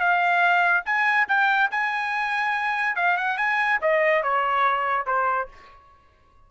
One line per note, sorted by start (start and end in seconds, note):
0.00 0.84 F5
0.85 1.27 G#5
1.28 1.70 G5
1.71 2.96 G#5
2.96 3.17 F5
3.17 3.38 F#5
3.38 3.80 G#5
3.81 4.23 D#5
4.23 5.06 C#5
5.06 5.48 C5